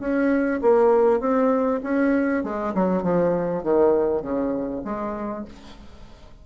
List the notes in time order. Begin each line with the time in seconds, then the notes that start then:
0.00 C#4
0.62 A#3
1.20 C4
1.83 C#4
2.44 G#3
2.75 F#3
3.03 F3
3.63 D#3
4.22 C#3
4.85 G#3